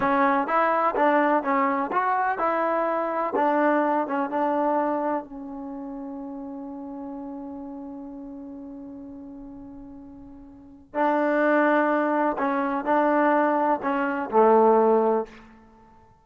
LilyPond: \new Staff \with { instrumentName = "trombone" } { \time 4/4 \tempo 4 = 126 cis'4 e'4 d'4 cis'4 | fis'4 e'2 d'4~ | d'8 cis'8 d'2 cis'4~ | cis'1~ |
cis'1~ | cis'2. d'4~ | d'2 cis'4 d'4~ | d'4 cis'4 a2 | }